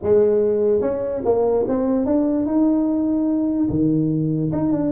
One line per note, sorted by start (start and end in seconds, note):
0.02 0.81 G#3
0.81 1.22 C#4
1.24 1.66 A#3
1.68 2.05 C4
2.05 2.46 D4
2.46 3.69 D#4
3.69 4.51 D#3
4.51 4.72 D#4
4.72 4.91 D4